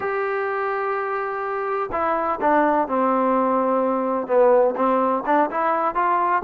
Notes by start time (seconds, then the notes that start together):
0.00 G4
1.92 E4
2.40 D4
2.87 C4
4.27 B3
4.76 C4
5.26 D4
5.50 E4
5.94 F4